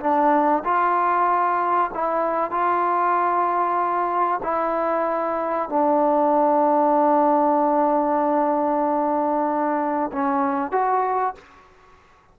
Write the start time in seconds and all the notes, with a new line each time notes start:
0.00 D4
0.64 F4
1.94 E4
2.51 F4
4.43 E4
5.69 D4
10.13 C#4
10.72 F#4